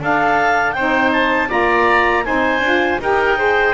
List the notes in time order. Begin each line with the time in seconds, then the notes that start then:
0.00 D4 A4 F5
0.73 C4 D#4 C5 G5
1.13 A5
1.48 A#3 F4 D5 A#5
2.24 C4 D#4 C5 G#5
2.60 D4 F4
3.00 D#4 G4 A#4 G5
3.37 G#4 C5